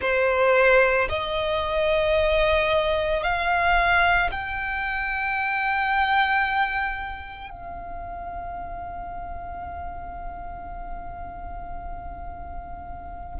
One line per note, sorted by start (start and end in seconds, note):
0.01 1.08 C5
1.09 3.23 D#5
3.23 4.30 F5
4.31 7.50 G5
7.50 13.39 F5